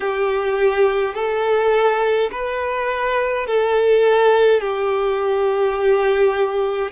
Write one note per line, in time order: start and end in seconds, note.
0.00 1.14 G4
1.14 2.30 A4
2.31 3.46 B4
3.46 4.60 A4
4.60 6.91 G4